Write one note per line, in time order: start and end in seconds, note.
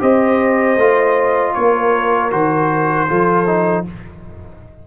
0.00 0.77 C4
0.00 0.77 G4
0.00 1.55 C5
0.00 1.54 D#5
0.77 1.54 A3
0.77 2.31 F4
1.54 2.33 A#3
1.54 3.09 A#4
1.54 2.31 C#5
2.31 3.09 D#3
2.31 3.08 F#4
2.31 3.86 C5
3.09 3.88 F3
3.09 3.47 F4
3.09 3.86 A4
3.47 3.85 D#4